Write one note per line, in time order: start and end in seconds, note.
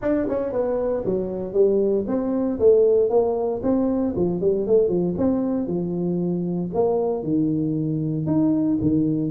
0.01 0.27 D4
0.28 0.52 C#4
0.52 1.03 B3
1.05 1.53 F#3
1.53 2.05 G3
2.07 2.59 C4
2.59 3.09 A3
3.09 3.61 A#3
3.62 4.14 C4
4.15 4.41 F3
4.41 4.66 G3
4.66 4.88 A3
4.88 5.14 F3
5.17 5.67 C4
5.67 6.70 F3
6.74 7.23 A#3
7.23 8.26 D#3
8.26 8.78 D#4
8.81 9.30 D#3